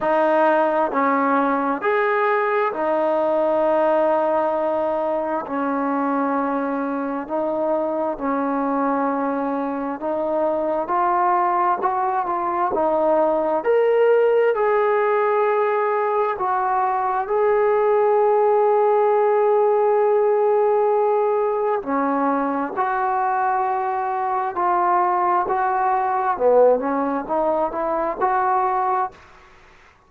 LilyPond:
\new Staff \with { instrumentName = "trombone" } { \time 4/4 \tempo 4 = 66 dis'4 cis'4 gis'4 dis'4~ | dis'2 cis'2 | dis'4 cis'2 dis'4 | f'4 fis'8 f'8 dis'4 ais'4 |
gis'2 fis'4 gis'4~ | gis'1 | cis'4 fis'2 f'4 | fis'4 b8 cis'8 dis'8 e'8 fis'4 | }